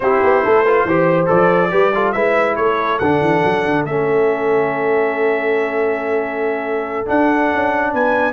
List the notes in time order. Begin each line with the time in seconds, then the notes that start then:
0.00 C4 E4 G4 C5
0.23 B3
0.44 A3 A4
0.64 F4 B4
0.85 E3 G4 C5
1.26 F3 A4 D5
1.71 G3 G4 B4
1.93 F4 A4
2.12 G#3 E4 B4 E5
2.55 A3 A4 C#5
2.98 D3 D4 F#5
3.20 E3
3.44 F#3
3.65 D3
3.85 A3 C#4 E5
7.05 D4 F#5
7.53 C#4
7.92 B3 B4 G#5